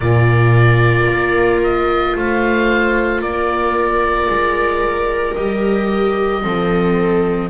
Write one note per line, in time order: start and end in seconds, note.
0.00 1.07 A#2
0.00 5.35 F4
0.00 2.15 A#4
0.00 1.60 D5
1.07 2.15 A#3
1.63 2.16 D#5
2.15 3.21 A3
2.15 3.21 C5
2.15 3.22 F5
3.21 4.28 A#3
3.21 6.42 A#4
3.21 5.35 D5
4.29 5.36 G#3
5.35 6.44 G3
5.35 6.42 G4
5.35 7.49 D#5
6.42 7.50 F3
6.42 7.49 C4
6.42 7.50 A4